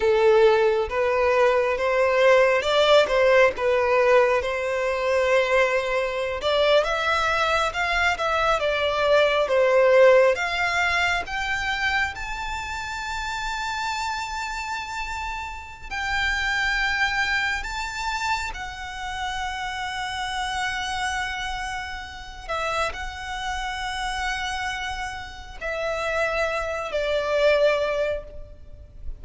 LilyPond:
\new Staff \with { instrumentName = "violin" } { \time 4/4 \tempo 4 = 68 a'4 b'4 c''4 d''8 c''8 | b'4 c''2~ c''16 d''8 e''16~ | e''8. f''8 e''8 d''4 c''4 f''16~ | f''8. g''4 a''2~ a''16~ |
a''2 g''2 | a''4 fis''2.~ | fis''4. e''8 fis''2~ | fis''4 e''4. d''4. | }